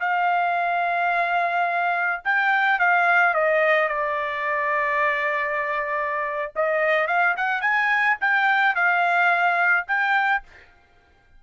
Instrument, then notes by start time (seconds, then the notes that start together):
trumpet
0.00 F5
2.24 G5
2.79 F5
3.34 D#5
3.89 D5
6.56 D#5
7.07 F5
7.37 F#5
7.61 G#5
8.21 G5
8.76 F5
9.88 G5